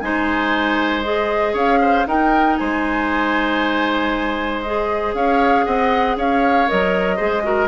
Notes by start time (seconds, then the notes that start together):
0.00 G#3 D#4 C5 G#5
1.03 G#4 D#5
1.53 C#4 C#5 F5
1.81 C5
2.06 D#4 A#4 G5
2.57 G#3 C5 G#5
4.61 G#4 D#5
5.14 C#4 C#5 F5
5.65 C4 D#5 F#5
6.16 C#4 C#5 F5
6.68 F#3 A#4 D#5
7.16 G#3 G#4 C5
7.43 F#4 A#4